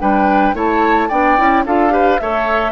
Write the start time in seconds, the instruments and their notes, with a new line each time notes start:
0.00 bassoon G3, clarinet D4, oboe B4, flute G5
0.53 bassoon A3, clarinet E4, oboe C#5, flute A5
1.08 bassoon B3, clarinet D4, oboe D5, flute G5
1.37 bassoon C#4, clarinet E4
1.65 bassoon D4, clarinet F4, oboe A4, flute F5
1.90 clarinet G4, oboe B4
2.19 bassoon A3, clarinet A4, oboe C#5, flute E5